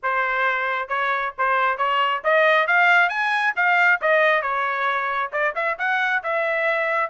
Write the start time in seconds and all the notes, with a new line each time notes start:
0.03 C5
0.88 C#5
1.37 C5
1.77 C#5
2.24 D#5
2.67 F5
3.09 G#5
3.56 F5
4.01 D#5
4.42 C#5
5.32 D5
5.55 E5
5.78 F#5
6.23 E5